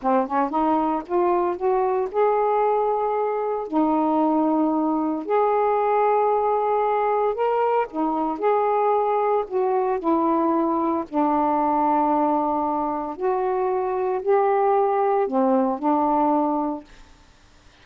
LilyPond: \new Staff \with { instrumentName = "saxophone" } { \time 4/4 \tempo 4 = 114 c'8 cis'8 dis'4 f'4 fis'4 | gis'2. dis'4~ | dis'2 gis'2~ | gis'2 ais'4 dis'4 |
gis'2 fis'4 e'4~ | e'4 d'2.~ | d'4 fis'2 g'4~ | g'4 c'4 d'2 | }